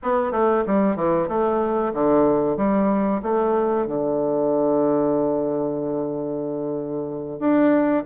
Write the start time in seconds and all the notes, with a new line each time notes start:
0.03 B3
0.31 A3
0.66 G3
0.96 E3
1.28 A3
1.93 D3
2.57 G3
3.22 A3
3.87 D3
7.39 D4